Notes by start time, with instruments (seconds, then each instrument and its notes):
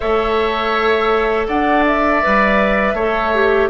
0.00 bassoon A3, clarinet A4, oboe C#5, flute E5
1.47 bassoon D4, oboe D5, flute F#5
1.86 flute E5
2.22 bassoon G3, clarinet B4
2.93 bassoon A3, clarinet A4, oboe C#5
3.34 clarinet G4